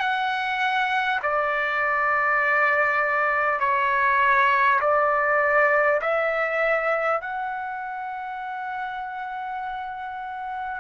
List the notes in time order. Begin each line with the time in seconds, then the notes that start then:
0.00 F#5
1.23 D5
3.60 C#5
4.81 D5
6.02 E5
7.22 F#5